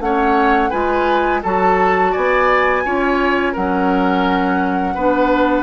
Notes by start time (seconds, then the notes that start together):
0.00 A3 C#4 C#5 F#5
0.70 G#3 F4 B4 G#5
1.42 F#3 F#4 A4 A5
2.12 B3 D5 G#5
2.85 C#4 F4 C#5
3.53 F#3 C#4 A#4 F#5
4.95 B3 D4 B4